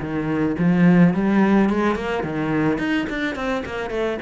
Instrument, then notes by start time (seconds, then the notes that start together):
cello
0.00 D#3
0.59 F3
1.14 G3
1.69 G#3
1.96 A#3
2.24 D#3
2.79 D#4
3.10 D4
3.36 C4
3.66 A#3
3.90 A3